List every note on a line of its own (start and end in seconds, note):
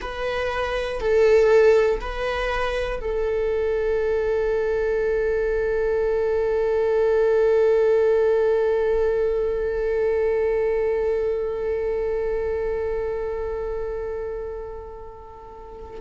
0.00 1.00 B4
1.00 2.00 A4
2.00 3.00 B4
3.00 16.00 A4